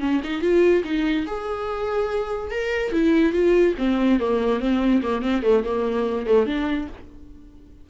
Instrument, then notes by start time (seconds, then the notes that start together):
viola
0.00 C#4
0.24 D#4
0.41 F4
0.84 D#4
1.26 G#4
2.51 A#4
2.92 E4
3.32 F4
3.78 C4
4.20 A#3
4.59 C4
5.02 A#3
5.22 C4
5.42 A3
5.64 A#3
6.27 A3
6.46 D4